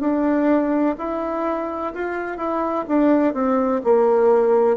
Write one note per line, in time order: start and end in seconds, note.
0.00 0.95 D4
0.98 1.93 E4
1.94 2.37 F4
2.37 2.84 E4
2.88 3.33 D4
3.33 3.81 C4
3.84 4.77 A#3